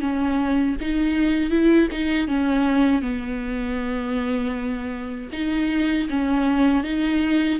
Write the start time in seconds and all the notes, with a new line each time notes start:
0.00 C#4
0.80 D#4
1.50 E4
1.91 D#4
2.27 C#4
3.01 B3
5.32 D#4
6.09 C#4
6.83 D#4